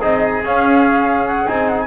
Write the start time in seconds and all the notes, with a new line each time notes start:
0.00 C4 D#4 G#4 D#5
0.42 C#4 F5
1.27 F#5
1.47 C4 D#4 G#5
1.68 F#5
1.80 G#5